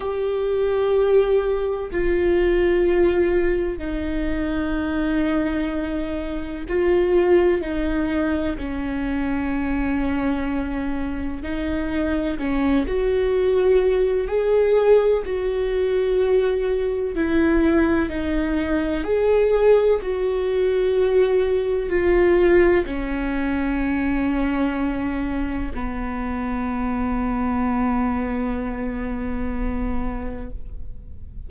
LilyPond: \new Staff \with { instrumentName = "viola" } { \time 4/4 \tempo 4 = 63 g'2 f'2 | dis'2. f'4 | dis'4 cis'2. | dis'4 cis'8 fis'4. gis'4 |
fis'2 e'4 dis'4 | gis'4 fis'2 f'4 | cis'2. b4~ | b1 | }